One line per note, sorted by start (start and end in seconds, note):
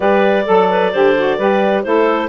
0.00 0.45 G3
0.00 0.44 G4
0.00 0.45 B4
0.00 1.82 D5
0.45 0.93 F#3
0.45 0.68 A4
0.45 0.92 A4
0.70 0.92 B4
0.92 1.37 D3
0.92 1.15 G4
0.92 1.37 C5
1.16 1.39 F#4
1.37 1.84 G3
1.37 1.83 G4
1.37 1.84 B4
1.82 2.29 A3
1.82 2.29 E4
1.82 2.29 A4
1.82 2.29 C5